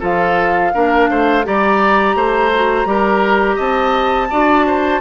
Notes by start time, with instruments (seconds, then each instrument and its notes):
0.00 bassoon F3, clarinet F4, oboe A4, flute F5
0.74 bassoon A#3, clarinet D4, oboe A#4
1.10 bassoon A3, oboe C5
1.44 bassoon G3, clarinet G4, oboe D5, flute A#5
2.15 bassoon A3, oboe C5
2.54 clarinet F#4
2.85 bassoon G3, clarinet G4, oboe A#4
3.56 bassoon C4, oboe D#5, flute A5
4.30 bassoon D4, clarinet F#4, oboe D5
4.67 oboe C5